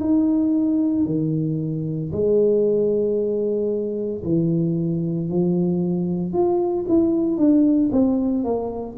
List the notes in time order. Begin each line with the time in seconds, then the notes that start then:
0.00 D#4
1.05 D#3
2.12 G#3
4.24 E3
5.29 F3
6.33 F4
6.88 E4
7.37 D4
7.92 C4
8.44 A#3